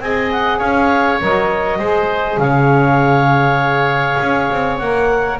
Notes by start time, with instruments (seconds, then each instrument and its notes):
0.00 double bass C4, saxophone G#4, oboe D#5, clarinet G#5
0.32 clarinet F#5
0.58 double bass C#4, oboe C#5, clarinet F5
1.20 double bass F#3, saxophone A#4, clarinet D#5
1.79 double bass G#3, saxophone G#4, oboe C5
2.38 double bass C#3, oboe C#5, clarinet F5
4.20 double bass C#4
4.50 double bass C4
4.78 double bass A#3, saxophone A#4, clarinet F#5